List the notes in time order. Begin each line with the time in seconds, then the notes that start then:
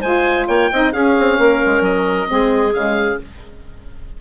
0.00 G#3 F4 C5 G#5
0.48 A#3 C#5 G5
0.72 C4 D#4 D#5
0.93 C#4 G#4 F5
1.20 C4
1.39 A#3 A#4
1.66 G#3
1.81 F#3 D#5
2.27 G#3 C4 G#4
2.73 C#3 G#3 F5